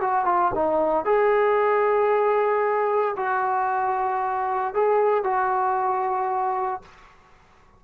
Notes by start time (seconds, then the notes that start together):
0.00 F#4
0.25 F4
0.54 D#4
1.05 G#4
3.16 F#4
4.74 G#4
5.23 F#4